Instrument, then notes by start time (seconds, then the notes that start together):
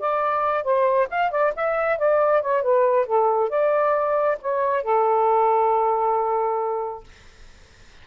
saxophone
0.00 D5
0.64 C5
1.10 F5
1.31 D5
1.56 E5
1.98 D5
2.42 C#5
2.62 B4
3.06 A4
3.50 D5
4.42 C#5
4.83 A4